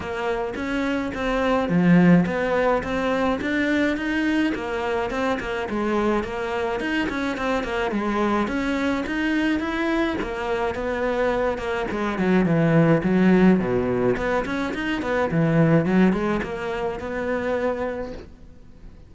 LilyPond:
\new Staff \with { instrumentName = "cello" } { \time 4/4 \tempo 4 = 106 ais4 cis'4 c'4 f4 | b4 c'4 d'4 dis'4 | ais4 c'8 ais8 gis4 ais4 | dis'8 cis'8 c'8 ais8 gis4 cis'4 |
dis'4 e'4 ais4 b4~ | b8 ais8 gis8 fis8 e4 fis4 | b,4 b8 cis'8 dis'8 b8 e4 | fis8 gis8 ais4 b2 | }